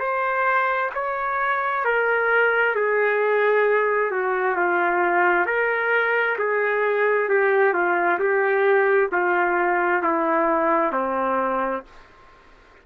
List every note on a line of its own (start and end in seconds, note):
0.00 0.91 C5
0.95 1.85 C#5
1.85 2.76 A#4
2.76 4.12 G#4
4.12 4.57 F#4
4.57 5.46 F4
5.46 6.37 A#4
6.39 7.29 G#4
7.29 7.74 G4
7.74 8.19 F4
8.19 9.10 G4
9.12 10.03 F4
10.03 10.93 E4
10.93 11.84 C4